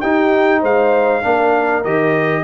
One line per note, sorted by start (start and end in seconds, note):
0.00 0.62 D#4
0.00 1.22 D#4
0.00 0.60 G4
0.00 0.61 G5
0.60 1.23 G#3
0.60 1.22 C5
0.60 1.84 F5
1.22 1.84 A#3
1.22 1.83 D4
1.22 2.43 A#4
1.84 2.43 D#3
1.84 2.43 G4
1.84 2.43 D#5